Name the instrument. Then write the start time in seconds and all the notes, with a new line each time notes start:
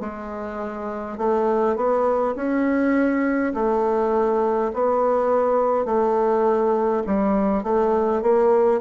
bassoon
0.00 G#3
1.18 A3
1.76 B3
2.36 C#4
3.54 A3
4.74 B3
5.85 A3
7.07 G3
7.64 A3
8.22 A#3